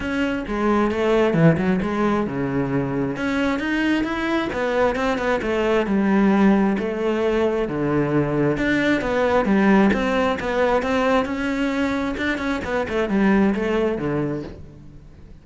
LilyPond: \new Staff \with { instrumentName = "cello" } { \time 4/4 \tempo 4 = 133 cis'4 gis4 a4 e8 fis8 | gis4 cis2 cis'4 | dis'4 e'4 b4 c'8 b8 | a4 g2 a4~ |
a4 d2 d'4 | b4 g4 c'4 b4 | c'4 cis'2 d'8 cis'8 | b8 a8 g4 a4 d4 | }